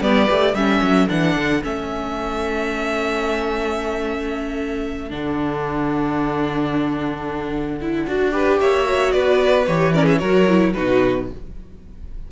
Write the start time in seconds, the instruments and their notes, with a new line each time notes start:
0.00 cello G3, viola B3, violin B4 D5
0.28 cello A3, viola G4
0.54 cello G3, viola C#4, violin A4 E5
0.81 cello F#3
1.08 cello E3, viola D4, violin F#5
1.36 cello D3
1.62 cello A3, viola C#4, violin E5
5.10 cello D3, viola D4, violin F#5
7.81 viola E4
8.06 cello D4, viola F#4
8.31 viola G4, violin B4
8.59 cello A#3, violin C#5 E5
8.84 viola F#4
9.11 cello B3, violin B4 D5
9.67 cello E3, viola G4, violin C#5
9.93 viola C#4, violin A#4 D5
10.03 violin G#4 E5
10.18 cello F#3, viola F#4, violin A#4 C#5
10.48 viola E4
10.73 cello B2, viola D#4, violin F#4 B4